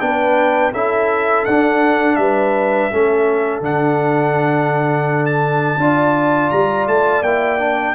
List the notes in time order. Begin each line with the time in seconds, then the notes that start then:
0.00 B3 D4 B4 G5
0.72 C#4 E4 A4 E5
1.45 D4 F#5
2.15 G3 B4 E5
2.91 A3 C#4 A4
3.61 D3 D4 F#5
5.26 A5
5.77 D4 F4 D5
6.50 G3 A#5
6.87 A3 A5
7.22 A#3 E4 G5
7.59 D4